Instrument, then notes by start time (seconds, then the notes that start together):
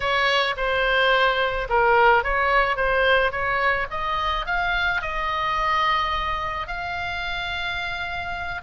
oboe
0.00 C#5
0.56 C5
1.69 A#4
2.23 C#5
2.76 C5
3.31 C#5
3.90 D#5
4.45 F5
5.01 D#5
6.67 F5